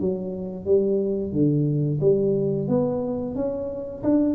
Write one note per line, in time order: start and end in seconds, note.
0.00 0.65 F#3
0.65 1.32 G3
1.32 2.00 D3
2.00 2.68 G3
2.68 3.36 B3
3.36 4.03 C#4
4.03 4.35 D4